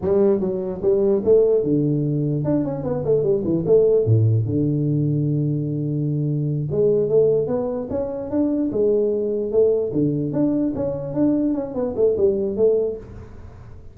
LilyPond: \new Staff \with { instrumentName = "tuba" } { \time 4/4 \tempo 4 = 148 g4 fis4 g4 a4 | d2 d'8 cis'8 b8 a8 | g8 e8 a4 a,4 d4~ | d1~ |
d8 gis4 a4 b4 cis'8~ | cis'8 d'4 gis2 a8~ | a8 d4 d'4 cis'4 d'8~ | d'8 cis'8 b8 a8 g4 a4 | }